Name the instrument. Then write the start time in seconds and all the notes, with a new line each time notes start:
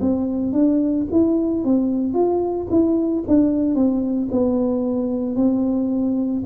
tuba
0.00 C4
0.52 D4
1.11 E4
1.64 C4
2.13 F4
2.70 E4
3.27 D4
3.75 C4
4.31 B3
5.35 C4